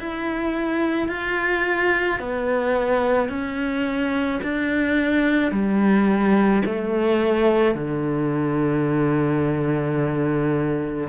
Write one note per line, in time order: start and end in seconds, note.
0.00 1.09 E4
1.09 2.20 F4
2.20 3.29 B3
3.29 4.40 C#4
4.43 5.52 D4
5.52 6.63 G3
6.66 7.75 A3
7.75 11.09 D3